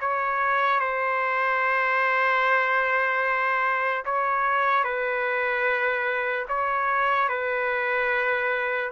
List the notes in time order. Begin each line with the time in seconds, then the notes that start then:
0.00 C#5
0.80 C5
4.05 C#5
4.84 B4
6.48 C#5
7.29 B4